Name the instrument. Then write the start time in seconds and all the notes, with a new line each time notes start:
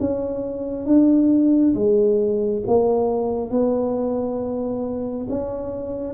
tuba
0.00 C#4
0.86 D4
1.75 G#3
2.67 A#3
3.51 B3
5.30 C#4